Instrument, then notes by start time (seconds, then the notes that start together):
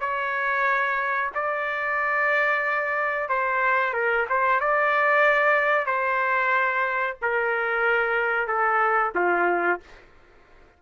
trumpet
0.00 C#5
1.34 D5
3.28 C5
3.93 A#4
4.29 C5
4.60 D5
5.86 C5
7.22 A#4
8.47 A4
9.15 F4